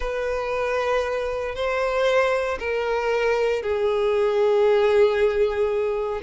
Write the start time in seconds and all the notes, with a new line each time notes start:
0.00 B4
1.55 C5
2.59 A#4
3.62 G#4